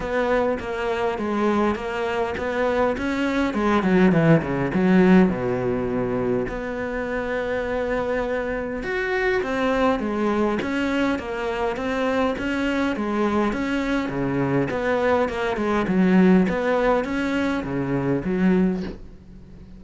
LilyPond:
\new Staff \with { instrumentName = "cello" } { \time 4/4 \tempo 4 = 102 b4 ais4 gis4 ais4 | b4 cis'4 gis8 fis8 e8 cis8 | fis4 b,2 b4~ | b2. fis'4 |
c'4 gis4 cis'4 ais4 | c'4 cis'4 gis4 cis'4 | cis4 b4 ais8 gis8 fis4 | b4 cis'4 cis4 fis4 | }